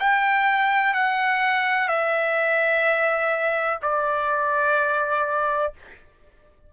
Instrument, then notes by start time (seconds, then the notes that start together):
trumpet
0.00 G5
0.94 F#5
1.89 E5
3.83 D5